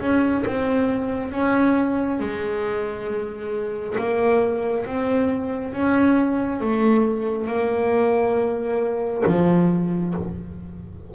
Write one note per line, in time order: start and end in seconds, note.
0.00 0.44 C#4
0.46 1.32 C4
1.32 2.20 C#4
2.20 3.96 G#3
3.98 4.86 A#3
4.86 5.73 C4
5.73 6.61 C#4
6.61 7.47 A3
7.47 9.24 A#3
9.26 10.14 F3